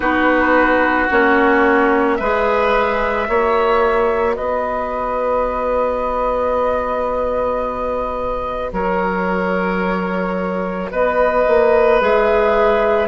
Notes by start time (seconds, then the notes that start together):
0.00 B3 D#4 F#4 B4
1.10 A#3 C#4 C#5
2.16 G#3 G#4 B4 E5
3.26 A#3 F#4 C#5
4.35 B3 B4 D#5
8.72 F#3 A#4 C#5
10.91 B3 B4 D#5
11.47 A#3
12.00 G#3 G#4 E5